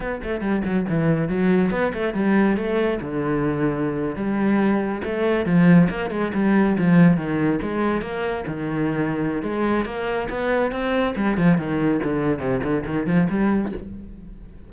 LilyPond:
\new Staff \with { instrumentName = "cello" } { \time 4/4 \tempo 4 = 140 b8 a8 g8 fis8 e4 fis4 | b8 a8 g4 a4 d4~ | d4.~ d16 g2 a16~ | a8. f4 ais8 gis8 g4 f16~ |
f8. dis4 gis4 ais4 dis16~ | dis2 gis4 ais4 | b4 c'4 g8 f8 dis4 | d4 c8 d8 dis8 f8 g4 | }